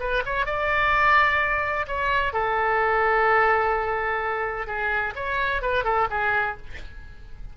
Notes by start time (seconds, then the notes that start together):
0.00 B4
0.26 C#5
0.46 D5
1.87 C#5
2.33 A4
4.67 G#4
5.16 C#5
5.62 B4
5.84 A4
6.10 G#4